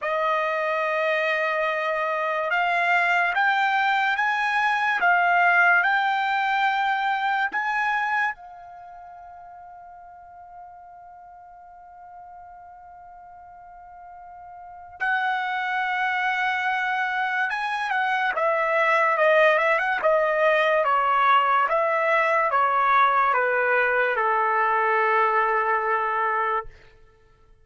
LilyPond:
\new Staff \with { instrumentName = "trumpet" } { \time 4/4 \tempo 4 = 72 dis''2. f''4 | g''4 gis''4 f''4 g''4~ | g''4 gis''4 f''2~ | f''1~ |
f''2 fis''2~ | fis''4 gis''8 fis''8 e''4 dis''8 e''16 fis''16 | dis''4 cis''4 e''4 cis''4 | b'4 a'2. | }